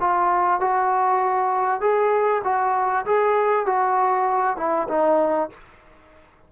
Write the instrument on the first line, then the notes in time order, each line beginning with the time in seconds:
trombone
0.00 F4
0.61 F#4
1.81 G#4
2.44 F#4
3.06 G#4
3.66 F#4
4.57 E4
4.88 D#4